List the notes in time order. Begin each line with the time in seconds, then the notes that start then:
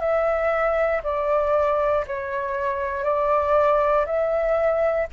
0.00 E5
1.03 D5
2.07 C#5
3.04 D5
4.06 E5